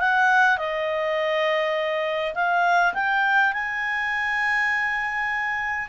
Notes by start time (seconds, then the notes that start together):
0.00 F#5
0.58 D#5
2.34 F5
2.94 G5
3.53 G#5